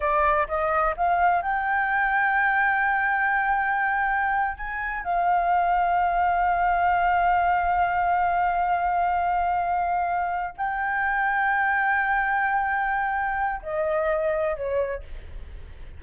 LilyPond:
\new Staff \with { instrumentName = "flute" } { \time 4/4 \tempo 4 = 128 d''4 dis''4 f''4 g''4~ | g''1~ | g''4.~ g''16 gis''4 f''4~ f''16~ | f''1~ |
f''1~ | f''2~ f''8 g''4.~ | g''1~ | g''4 dis''2 cis''4 | }